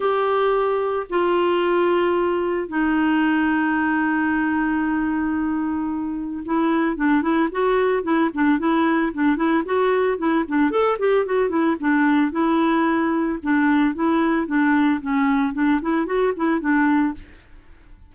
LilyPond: \new Staff \with { instrumentName = "clarinet" } { \time 4/4 \tempo 4 = 112 g'2 f'2~ | f'4 dis'2.~ | dis'1 | e'4 d'8 e'8 fis'4 e'8 d'8 |
e'4 d'8 e'8 fis'4 e'8 d'8 | a'8 g'8 fis'8 e'8 d'4 e'4~ | e'4 d'4 e'4 d'4 | cis'4 d'8 e'8 fis'8 e'8 d'4 | }